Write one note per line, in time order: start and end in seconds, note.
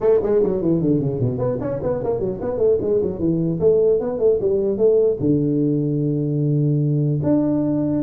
0.00 0.20 A3
0.22 0.42 G#3
0.43 0.61 F#3
0.61 0.81 E3
0.81 1.00 D3
1.00 1.19 C#3
1.19 1.38 B2
1.38 1.58 B3
1.60 1.80 C#4
1.83 2.03 B3
2.03 2.19 A#3
2.19 2.39 F#3
2.41 2.57 B3
2.57 2.77 A3
2.81 3.01 G#3
3.01 3.19 F#3
3.19 3.59 E3
3.59 3.99 A3
4.00 4.18 B3
4.18 4.38 A3
4.40 4.77 G3
4.77 5.17 A3
5.19 7.19 D3
7.23 8.02 D4